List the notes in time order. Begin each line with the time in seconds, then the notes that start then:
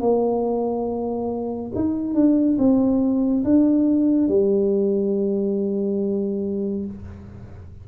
0.00 A#3
1.75 D#4
2.14 D4
2.58 C4
3.44 D4
4.28 G3